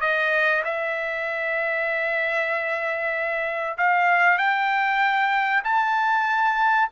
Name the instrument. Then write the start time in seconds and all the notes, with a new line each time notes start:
trumpet
0.00 D#5
0.64 E5
3.77 F5
4.38 G5
5.64 A5